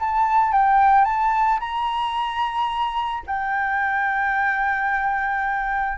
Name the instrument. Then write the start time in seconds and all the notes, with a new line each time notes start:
flute
0.00 A5
0.53 G5
1.05 A5
1.60 A#5
3.27 G5